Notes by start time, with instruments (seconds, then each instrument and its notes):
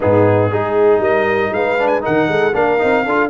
0.00 tuba G#2, trombone B3, horn D#4, trumpet G#4
0.50 tuba G#3, trombone D#4, horn G#4
0.99 tuba G3, horn A#4, trumpet D#5
1.52 tuba G#3, horn B4, trumpet F5
1.78 trombone D4
1.87 trumpet G#5
2.01 trombone D#4, horn A#4, trumpet F#5
2.07 tuba D#3
2.28 tuba G#3, horn A4
2.53 tuba A#3, trombone D4, horn A#4, trumpet F5
2.78 tuba C4, trombone D#4
3.04 tuba D4, trombone F4, horn A4